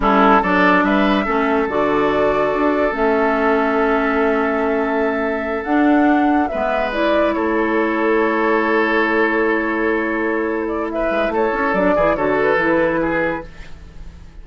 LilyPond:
<<
  \new Staff \with { instrumentName = "flute" } { \time 4/4 \tempo 4 = 143 a'4 d''4 e''2 | d''2. e''4~ | e''1~ | e''4. fis''2 e''8~ |
e''8 d''4 cis''2~ cis''8~ | cis''1~ | cis''4. d''8 e''4 cis''4 | d''4 cis''8 b'2~ b'8 | }
  \new Staff \with { instrumentName = "oboe" } { \time 4/4 e'4 a'4 b'4 a'4~ | a'1~ | a'1~ | a'2.~ a'8 b'8~ |
b'4. a'2~ a'8~ | a'1~ | a'2 b'4 a'4~ | a'8 gis'8 a'2 gis'4 | }
  \new Staff \with { instrumentName = "clarinet" } { \time 4/4 cis'4 d'2 cis'4 | fis'2. cis'4~ | cis'1~ | cis'4. d'2 b8~ |
b8 e'2.~ e'8~ | e'1~ | e'1 | d'8 e'8 fis'4 e'2 | }
  \new Staff \with { instrumentName = "bassoon" } { \time 4/4 g4 fis4 g4 a4 | d2 d'4 a4~ | a1~ | a4. d'2 gis8~ |
gis4. a2~ a8~ | a1~ | a2~ a8 gis8 a8 cis'8 | fis8 e8 d4 e2 | }
>>